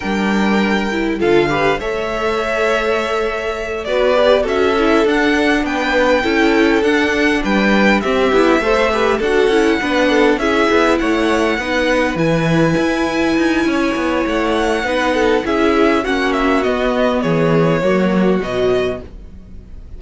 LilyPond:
<<
  \new Staff \with { instrumentName = "violin" } { \time 4/4 \tempo 4 = 101 g''2 f''4 e''4~ | e''2~ e''8 d''4 e''8~ | e''8 fis''4 g''2 fis''8~ | fis''8 g''4 e''2 fis''8~ |
fis''4. e''4 fis''4.~ | fis''8 gis''2.~ gis''8 | fis''2 e''4 fis''8 e''8 | dis''4 cis''2 dis''4 | }
  \new Staff \with { instrumentName = "violin" } { \time 4/4 ais'2 a'8 b'8 cis''4~ | cis''2~ cis''8 b'4 a'8~ | a'4. b'4 a'4.~ | a'8 b'4 g'4 c''8 b'8 a'8~ |
a'8 b'8 a'8 gis'4 cis''4 b'8~ | b'2. cis''4~ | cis''4 b'8 a'8 gis'4 fis'4~ | fis'4 gis'4 fis'2 | }
  \new Staff \with { instrumentName = "viola" } { \time 4/4 d'4. e'8 f'8 g'8 a'4~ | a'2~ a'8 fis'8 g'8 fis'8 | e'8 d'2 e'4 d'8~ | d'4. c'8 e'8 a'8 g'8 fis'8 |
e'8 d'4 e'2 dis'8~ | dis'8 e'2.~ e'8~ | e'4 dis'4 e'4 cis'4 | b2 ais4 fis4 | }
  \new Staff \with { instrumentName = "cello" } { \time 4/4 g2 d4 a4~ | a2~ a8 b4 cis'8~ | cis'8 d'4 b4 cis'4 d'8~ | d'8 g4 c'8 b8 a4 d'8 |
cis'8 b4 cis'8 b8 a4 b8~ | b8 e4 e'4 dis'8 cis'8 b8 | a4 b4 cis'4 ais4 | b4 e4 fis4 b,4 | }
>>